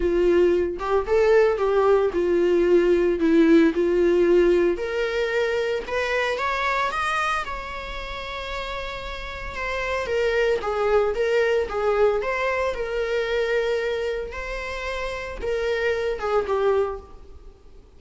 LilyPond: \new Staff \with { instrumentName = "viola" } { \time 4/4 \tempo 4 = 113 f'4. g'8 a'4 g'4 | f'2 e'4 f'4~ | f'4 ais'2 b'4 | cis''4 dis''4 cis''2~ |
cis''2 c''4 ais'4 | gis'4 ais'4 gis'4 c''4 | ais'2. c''4~ | c''4 ais'4. gis'8 g'4 | }